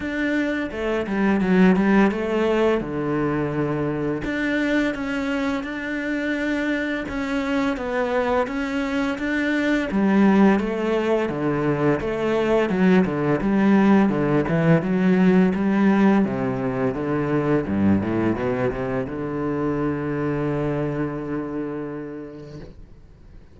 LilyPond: \new Staff \with { instrumentName = "cello" } { \time 4/4 \tempo 4 = 85 d'4 a8 g8 fis8 g8 a4 | d2 d'4 cis'4 | d'2 cis'4 b4 | cis'4 d'4 g4 a4 |
d4 a4 fis8 d8 g4 | d8 e8 fis4 g4 c4 | d4 g,8 a,8 b,8 c8 d4~ | d1 | }